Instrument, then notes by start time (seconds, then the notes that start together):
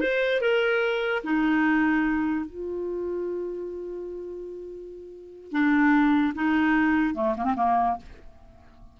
clarinet
0.00 C5
0.41 A#4
1.23 D#4
2.45 F4
5.52 D4
6.35 D#4
7.14 A3
7.37 A#3
7.44 C4
7.56 A#3